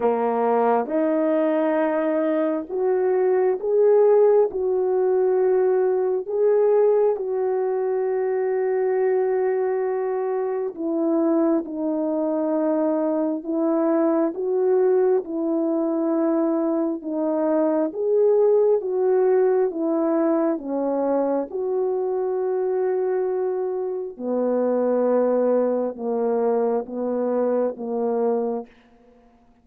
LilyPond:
\new Staff \with { instrumentName = "horn" } { \time 4/4 \tempo 4 = 67 ais4 dis'2 fis'4 | gis'4 fis'2 gis'4 | fis'1 | e'4 dis'2 e'4 |
fis'4 e'2 dis'4 | gis'4 fis'4 e'4 cis'4 | fis'2. b4~ | b4 ais4 b4 ais4 | }